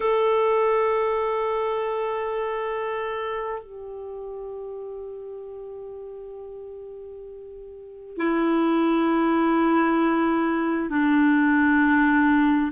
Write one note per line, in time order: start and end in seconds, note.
0.00 3.62 A4
3.62 8.17 G4
8.17 10.89 E4
10.89 12.71 D4